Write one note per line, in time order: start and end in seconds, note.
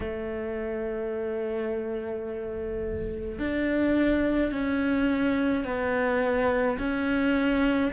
0.00 3.39 A3
3.39 4.51 D4
4.51 5.64 C#4
5.64 6.77 B3
6.78 7.91 C#4